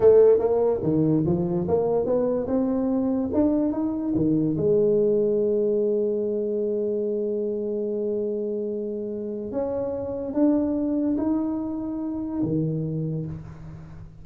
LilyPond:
\new Staff \with { instrumentName = "tuba" } { \time 4/4 \tempo 4 = 145 a4 ais4 dis4 f4 | ais4 b4 c'2 | d'4 dis'4 dis4 gis4~ | gis1~ |
gis1~ | gis2. cis'4~ | cis'4 d'2 dis'4~ | dis'2 dis2 | }